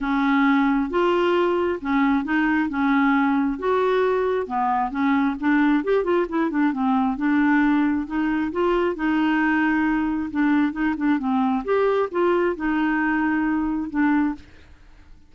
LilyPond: \new Staff \with { instrumentName = "clarinet" } { \time 4/4 \tempo 4 = 134 cis'2 f'2 | cis'4 dis'4 cis'2 | fis'2 b4 cis'4 | d'4 g'8 f'8 e'8 d'8 c'4 |
d'2 dis'4 f'4 | dis'2. d'4 | dis'8 d'8 c'4 g'4 f'4 | dis'2. d'4 | }